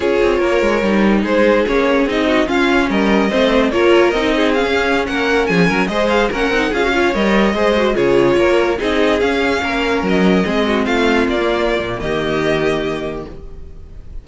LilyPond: <<
  \new Staff \with { instrumentName = "violin" } { \time 4/4 \tempo 4 = 145 cis''2. c''4 | cis''4 dis''4 f''4 dis''4~ | dis''4 cis''4 dis''4 f''4~ | f''16 fis''4 gis''4 dis''8 f''8 fis''8.~ |
fis''16 f''4 dis''2 cis''8.~ | cis''4~ cis''16 dis''4 f''4.~ f''16~ | f''16 dis''2 f''4 d''8.~ | d''4 dis''2. | }
  \new Staff \with { instrumentName = "violin" } { \time 4/4 gis'4 ais'2 gis'4~ | gis'4. fis'8 f'4 ais'4 | c''4 ais'4. gis'4.~ | gis'16 ais'4 gis'8 ais'8 c''4 ais'8.~ |
ais'16 gis'8 cis''4. c''4 gis'8.~ | gis'16 ais'4 gis'2 ais'8.~ | ais'4~ ais'16 gis'8 fis'8 f'4.~ f'16~ | f'4 g'2. | }
  \new Staff \with { instrumentName = "viola" } { \time 4/4 f'2 dis'2 | cis'4 dis'4 cis'2 | c'4 f'4 dis'4 cis'4~ | cis'2~ cis'16 gis'4 cis'8 dis'16~ |
dis'16 f'16 fis'16 f'8 ais'4 gis'8 fis'8 f'8.~ | f'4~ f'16 dis'4 cis'4.~ cis'16~ | cis'4~ cis'16 c'2~ c'16 ais8~ | ais1 | }
  \new Staff \with { instrumentName = "cello" } { \time 4/4 cis'8 c'8 ais8 gis8 g4 gis4 | ais4 c'4 cis'4 g4 | a4 ais4 c'4~ c'16 cis'8.~ | cis'16 ais4 f8 fis8 gis4 ais8 c'16~ |
c'16 cis'4 g4 gis4 cis8.~ | cis16 ais4 c'4 cis'4 ais8.~ | ais16 fis4 gis4 a4 ais8.~ | ais8 ais,8 dis2. | }
>>